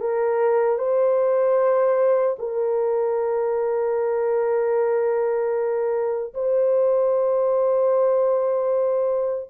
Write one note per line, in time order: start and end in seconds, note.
0.00 0.78 A#4
0.78 2.36 C5
2.38 6.33 A#4
6.34 9.50 C5